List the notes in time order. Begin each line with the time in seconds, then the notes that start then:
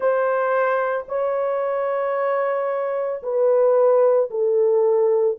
0.00 C5
1.08 C#5
3.22 B4
4.30 A4